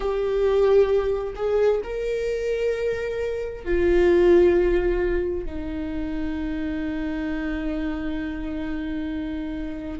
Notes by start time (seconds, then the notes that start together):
0.00 G4
1.35 G#4
1.83 A#4
3.64 F4
5.45 D#4